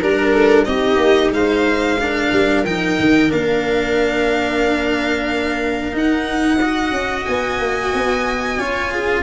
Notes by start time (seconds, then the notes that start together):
0.00 G3 D4 A#4
0.32 A4
0.64 C4 D#4 G4 D#5
0.96 A#3
1.29 G#3 C5 F5
1.99 D4 A#4
2.32 G3
2.63 F3 D#4 G5
2.98 D#3
3.29 A#3 D4 F5
5.92 D#4 F#5
6.61 F#4 D#5
6.91 C#4
7.25 B3 G#5
7.59 A#3
7.93 B3
8.58 C#4 F4 C#5
8.91 G#4